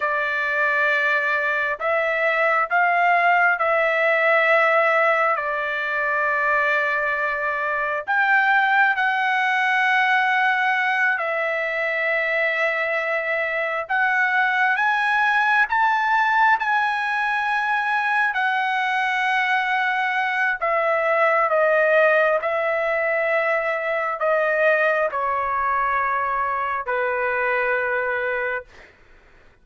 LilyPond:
\new Staff \with { instrumentName = "trumpet" } { \time 4/4 \tempo 4 = 67 d''2 e''4 f''4 | e''2 d''2~ | d''4 g''4 fis''2~ | fis''8 e''2. fis''8~ |
fis''8 gis''4 a''4 gis''4.~ | gis''8 fis''2~ fis''8 e''4 | dis''4 e''2 dis''4 | cis''2 b'2 | }